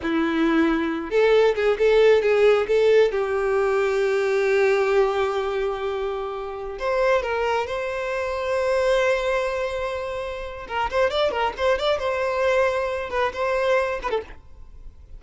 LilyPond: \new Staff \with { instrumentName = "violin" } { \time 4/4 \tempo 4 = 135 e'2~ e'8 a'4 gis'8 | a'4 gis'4 a'4 g'4~ | g'1~ | g'2.~ g'16 c''8.~ |
c''16 ais'4 c''2~ c''8.~ | c''1 | ais'8 c''8 d''8 ais'8 c''8 d''8 c''4~ | c''4. b'8 c''4. b'16 a'16 | }